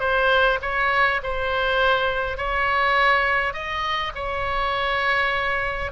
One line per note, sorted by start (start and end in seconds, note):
0.00 0.59 C5
0.62 1.21 C#5
1.23 2.37 C5
2.37 3.53 C#5
3.53 4.12 D#5
4.15 5.91 C#5